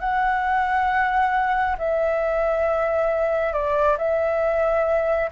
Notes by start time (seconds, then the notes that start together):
0.00 F#5
1.78 E5
3.53 D5
3.98 E5